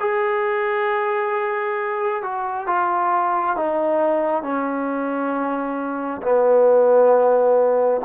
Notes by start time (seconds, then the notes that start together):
0.00 G#4
2.22 F#4
2.67 F4
3.56 D#4
4.43 C#4
6.22 B3